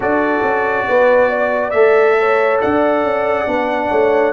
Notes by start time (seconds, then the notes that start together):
0.00 D4 F#4 A4 D5
0.42 C#4
0.87 B3 B4
1.29 D5
1.70 A3 A4 E5
2.19 C#5
2.61 D4 D5 F#5
3.03 C#4
3.47 B3 D4
3.89 A3 C#5